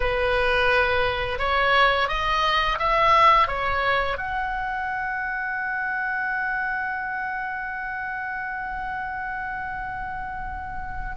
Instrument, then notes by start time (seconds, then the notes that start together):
oboe
0.00 B4
1.38 C#5
2.08 D#5
2.78 E5
3.47 C#5
4.17 F#5